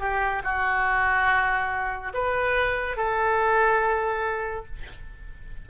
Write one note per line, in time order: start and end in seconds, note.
0.00 0.42 G4
0.44 2.13 F#4
2.14 2.97 B4
2.97 4.66 A4